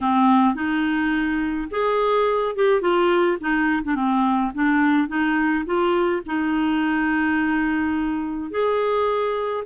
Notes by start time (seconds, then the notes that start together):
0.01 C4
0.55 D#4
1.70 G#4
2.55 G4
2.81 F4
3.40 D#4
3.83 D4
3.95 C4
4.54 D4
5.08 D#4
5.65 F4
6.25 D#4
8.51 G#4